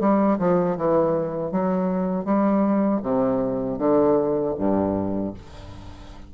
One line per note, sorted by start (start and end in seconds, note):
0.00 0.38 G3
0.39 0.77 F3
0.77 1.52 E3
1.52 2.25 F#3
2.25 3.01 G3
3.02 3.78 C3
3.78 4.54 D3
4.58 5.34 G2